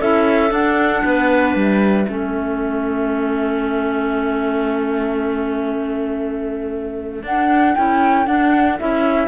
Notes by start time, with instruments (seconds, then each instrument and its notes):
0.00 cello C#4, clarinet E4 A4, flute E5
0.50 clarinet D4, cello D4, flute F#5
1.05 cello B3, clarinet B4
1.55 cello G3, flute E5
2.09 cello A3, clarinet C#4 A4
7.23 cello D4, clarinet D4, flute F#5
7.76 cello C#4, clarinet E4, flute G5
8.26 clarinet D4, cello D4, flute F#5
8.79 cello C#4, clarinet E4, flute E5